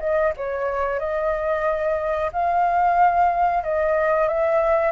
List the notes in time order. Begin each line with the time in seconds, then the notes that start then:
0.00 D#5
0.37 C#5
1.00 D#5
2.33 F5
3.64 D#5
4.28 E5